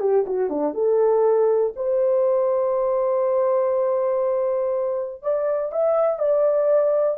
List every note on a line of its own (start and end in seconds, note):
0.00 0.25 G4
0.26 0.49 F#4
0.49 0.74 D4
0.74 1.73 A4
1.76 5.22 C5
5.22 5.72 D5
5.72 6.18 E5
6.18 7.17 D5